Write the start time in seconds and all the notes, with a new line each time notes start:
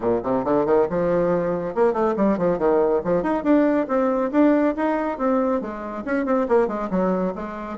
0.00 A#2
0.23 C3
0.44 D3
0.65 D#3
0.89 F3
1.74 A#3
1.93 A3
2.16 G3
2.37 F3
2.58 D#3
3.04 F3
3.23 D#4
3.43 D4
3.87 C4
4.31 D4
4.76 D#4
5.18 C4
5.61 G#3
6.05 C#4
6.25 C4
6.48 A#3
6.67 G#3
6.90 F#3
7.35 G#3